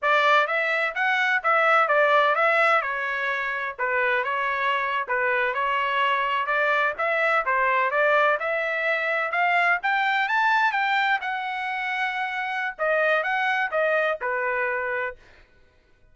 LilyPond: \new Staff \with { instrumentName = "trumpet" } { \time 4/4 \tempo 4 = 127 d''4 e''4 fis''4 e''4 | d''4 e''4 cis''2 | b'4 cis''4.~ cis''16 b'4 cis''16~ | cis''4.~ cis''16 d''4 e''4 c''16~ |
c''8. d''4 e''2 f''16~ | f''8. g''4 a''4 g''4 fis''16~ | fis''2. dis''4 | fis''4 dis''4 b'2 | }